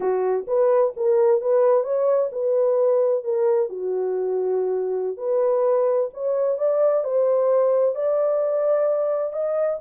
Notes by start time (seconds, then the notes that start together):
0.00 F#4
0.47 B4
0.96 A#4
1.41 B4
1.83 C#5
2.32 B4
3.23 A#4
3.69 F#4
5.17 B4
6.13 C#5
6.57 D5
7.04 C5
7.95 D5
9.33 D#5